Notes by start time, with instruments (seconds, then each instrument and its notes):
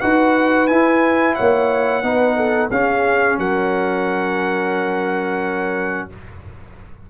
0.00 tuba D#4, trombone F#4, horn B4, trumpet F#5
0.67 trombone E4, tuba E4, trumpet G#5
1.35 tuba A#3, horn C#5, trumpet F#5
2.03 tuba B3, trombone D#4, horn B4
2.36 horn A4
2.70 tuba C#4, trombone C#4, horn G#4, trumpet F5
3.38 tuba F#3, horn A#4, trumpet F#5